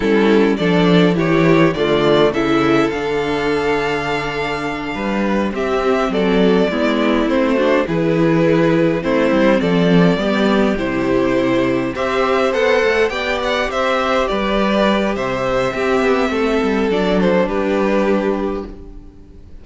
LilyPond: <<
  \new Staff \with { instrumentName = "violin" } { \time 4/4 \tempo 4 = 103 a'4 d''4 cis''4 d''4 | e''4 f''2.~ | f''4. e''4 d''4.~ | d''8 c''4 b'2 c''8~ |
c''8 d''2 c''4.~ | c''8 e''4 fis''4 g''8 fis''8 e''8~ | e''8 d''4. e''2~ | e''4 d''8 c''8 b'2 | }
  \new Staff \with { instrumentName = "violin" } { \time 4/4 e'4 a'4 g'4 f'4 | a'1~ | a'8 b'4 g'4 a'4 e'8~ | e'4 fis'8 gis'2 e'8~ |
e'8 a'4 g'2~ g'8~ | g'8 c''2 d''4 c''8~ | c''8 b'4. c''4 g'4 | a'2 g'2 | }
  \new Staff \with { instrumentName = "viola" } { \time 4/4 cis'4 d'4 e'4 a4 | e'4 d'2.~ | d'4. c'2 b8~ | b8 c'8 d'8 e'2 c'8~ |
c'4. b4 e'4.~ | e'8 g'4 a'4 g'4.~ | g'2. c'4~ | c'4 d'2. | }
  \new Staff \with { instrumentName = "cello" } { \time 4/4 g4 f4 e4 d4 | cis4 d2.~ | d8 g4 c'4 fis4 gis8~ | gis8 a4 e2 a8 |
g8 f4 g4 c4.~ | c8 c'4 b8 a8 b4 c'8~ | c'8 g4. c4 c'8 b8 | a8 g8 fis4 g2 | }
>>